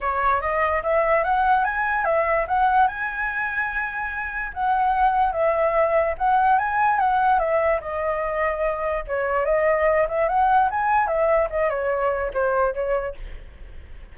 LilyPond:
\new Staff \with { instrumentName = "flute" } { \time 4/4 \tempo 4 = 146 cis''4 dis''4 e''4 fis''4 | gis''4 e''4 fis''4 gis''4~ | gis''2. fis''4~ | fis''4 e''2 fis''4 |
gis''4 fis''4 e''4 dis''4~ | dis''2 cis''4 dis''4~ | dis''8 e''8 fis''4 gis''4 e''4 | dis''8 cis''4. c''4 cis''4 | }